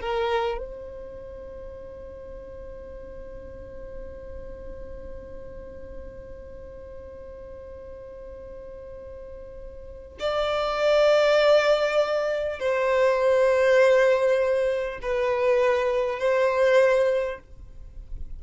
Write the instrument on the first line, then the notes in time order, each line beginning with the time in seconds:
violin
0.00 A#4
0.57 C5
10.19 D5
12.59 C5
15.02 B4
16.19 C5